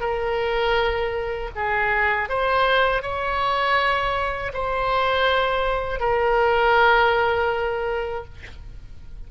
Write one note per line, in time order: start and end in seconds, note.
0.00 1.50 A#4
1.55 2.29 G#4
2.29 3.02 C5
3.02 4.52 C#5
4.53 5.99 C5
5.99 8.24 A#4